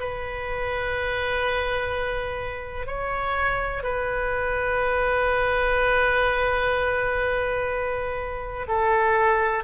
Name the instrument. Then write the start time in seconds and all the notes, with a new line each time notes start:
oboe
0.00 B4
2.87 C#5
3.84 B4
8.68 A4